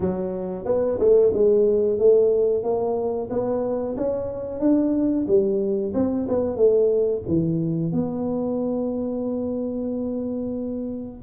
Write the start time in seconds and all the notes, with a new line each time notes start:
0.00 F#3
0.65 B3
0.99 A3
1.33 G#3
1.98 A3
2.63 A#3
3.30 B3
3.96 C#4
4.60 D4
5.27 G3
5.94 C4
6.28 B3
6.56 A3
7.27 E3
7.92 B3